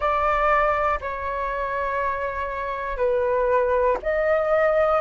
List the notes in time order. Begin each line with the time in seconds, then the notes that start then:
0.00 D5
1.00 C#5
2.97 B4
4.02 D#5